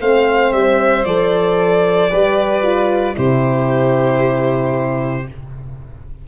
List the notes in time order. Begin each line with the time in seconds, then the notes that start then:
0.00 A3 C4 C5 F5
0.52 G3 E5
1.05 F3 A4 D5
2.10 G3 G4 B4
2.62 F4
3.14 C3 E4 G4 C5